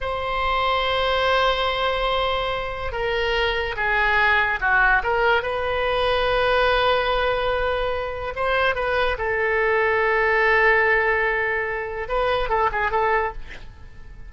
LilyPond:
\new Staff \with { instrumentName = "oboe" } { \time 4/4 \tempo 4 = 144 c''1~ | c''2. ais'4~ | ais'4 gis'2 fis'4 | ais'4 b'2.~ |
b'1 | c''4 b'4 a'2~ | a'1~ | a'4 b'4 a'8 gis'8 a'4 | }